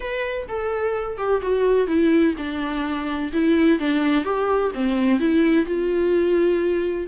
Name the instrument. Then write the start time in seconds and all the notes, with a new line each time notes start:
viola
0.00 B4
0.48 A4
1.17 G4
1.42 F#4
1.87 E4
2.37 D4
3.33 E4
3.79 D4
4.24 G4
4.74 C4
5.19 E4
5.65 F4